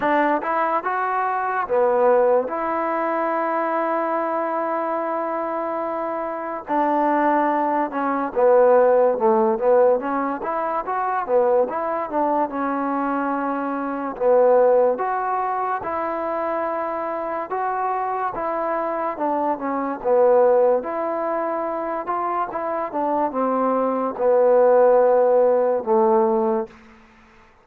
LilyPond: \new Staff \with { instrumentName = "trombone" } { \time 4/4 \tempo 4 = 72 d'8 e'8 fis'4 b4 e'4~ | e'1 | d'4. cis'8 b4 a8 b8 | cis'8 e'8 fis'8 b8 e'8 d'8 cis'4~ |
cis'4 b4 fis'4 e'4~ | e'4 fis'4 e'4 d'8 cis'8 | b4 e'4. f'8 e'8 d'8 | c'4 b2 a4 | }